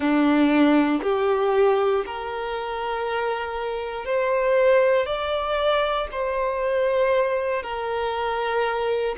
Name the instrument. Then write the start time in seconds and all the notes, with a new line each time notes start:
violin
0.00 D4
1.02 G4
2.06 A#4
4.05 C5
5.06 D5
6.11 C5
7.63 A#4